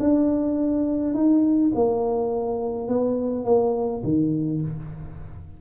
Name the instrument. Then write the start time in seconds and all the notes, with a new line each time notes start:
tuba
0.00 D4
1.14 D#4
1.75 A#3
2.88 B3
3.45 A#3
4.04 D#3